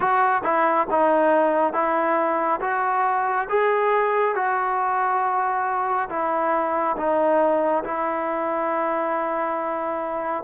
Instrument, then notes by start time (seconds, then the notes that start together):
trombone
0.00 F#4
0.43 E4
0.90 D#4
1.73 E4
2.60 F#4
3.49 G#4
4.35 F#4
6.09 E4
6.96 D#4
7.83 E4